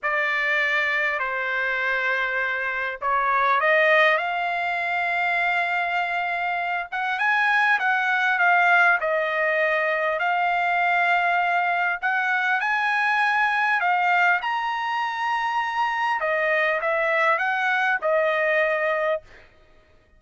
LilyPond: \new Staff \with { instrumentName = "trumpet" } { \time 4/4 \tempo 4 = 100 d''2 c''2~ | c''4 cis''4 dis''4 f''4~ | f''2.~ f''8 fis''8 | gis''4 fis''4 f''4 dis''4~ |
dis''4 f''2. | fis''4 gis''2 f''4 | ais''2. dis''4 | e''4 fis''4 dis''2 | }